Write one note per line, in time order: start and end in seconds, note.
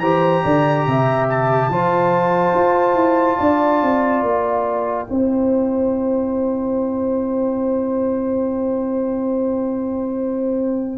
0.00 0.42 E3
0.00 1.71 G4
0.00 0.44 C5
0.00 1.27 A#5
0.44 0.87 D3
0.44 0.86 D5
0.87 1.69 C3
0.87 1.72 E5
1.30 4.25 A5
1.69 2.53 F3
1.69 5.08 F4
1.69 3.38 C5
2.55 2.95 F4
2.95 3.37 E4
3.38 3.83 D4
3.38 5.07 D5
3.83 4.23 C4
4.23 5.07 A#3
4.23 10.98 G5
5.08 10.98 C4
5.08 10.98 E4
5.08 10.98 C5